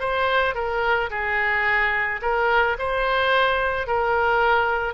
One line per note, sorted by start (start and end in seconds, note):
0.00 0.55 C5
0.55 1.10 A#4
1.10 2.20 G#4
2.22 2.77 A#4
2.78 3.87 C5
3.87 4.94 A#4